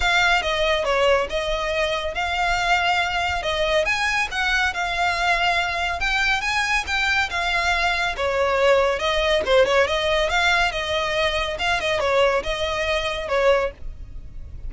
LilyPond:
\new Staff \with { instrumentName = "violin" } { \time 4/4 \tempo 4 = 140 f''4 dis''4 cis''4 dis''4~ | dis''4 f''2. | dis''4 gis''4 fis''4 f''4~ | f''2 g''4 gis''4 |
g''4 f''2 cis''4~ | cis''4 dis''4 c''8 cis''8 dis''4 | f''4 dis''2 f''8 dis''8 | cis''4 dis''2 cis''4 | }